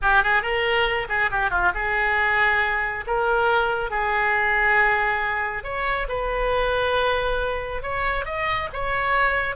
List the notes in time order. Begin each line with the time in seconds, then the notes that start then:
0.02 G4
0.23 G#4
0.42 A#4
1.08 G#4
1.30 G4
1.50 F4
1.74 G#4
3.06 A#4
3.90 G#4
5.63 C#5
6.08 B4
7.82 C#5
8.25 D#5
8.73 C#5